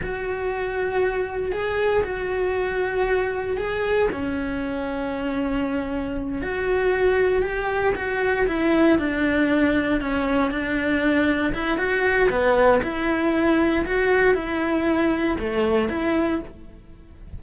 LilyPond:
\new Staff \with { instrumentName = "cello" } { \time 4/4 \tempo 4 = 117 fis'2. gis'4 | fis'2. gis'4 | cis'1~ | cis'8 fis'2 g'4 fis'8~ |
fis'8 e'4 d'2 cis'8~ | cis'8 d'2 e'8 fis'4 | b4 e'2 fis'4 | e'2 a4 e'4 | }